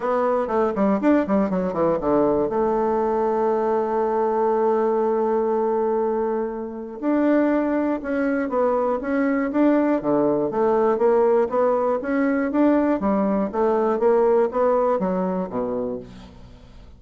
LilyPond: \new Staff \with { instrumentName = "bassoon" } { \time 4/4 \tempo 4 = 120 b4 a8 g8 d'8 g8 fis8 e8 | d4 a2.~ | a1~ | a2 d'2 |
cis'4 b4 cis'4 d'4 | d4 a4 ais4 b4 | cis'4 d'4 g4 a4 | ais4 b4 fis4 b,4 | }